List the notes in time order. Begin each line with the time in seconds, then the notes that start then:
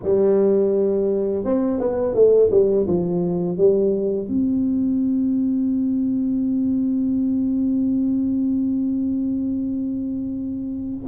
0.03 G3
1.44 C4
1.80 B3
2.14 A3
2.50 G3
2.87 F3
3.57 G3
4.28 C4